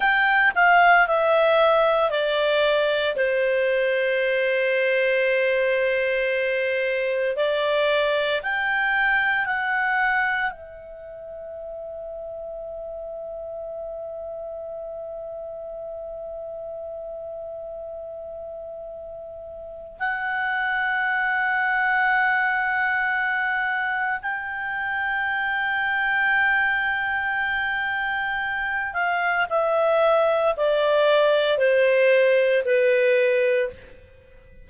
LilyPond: \new Staff \with { instrumentName = "clarinet" } { \time 4/4 \tempo 4 = 57 g''8 f''8 e''4 d''4 c''4~ | c''2. d''4 | g''4 fis''4 e''2~ | e''1~ |
e''2. fis''4~ | fis''2. g''4~ | g''2.~ g''8 f''8 | e''4 d''4 c''4 b'4 | }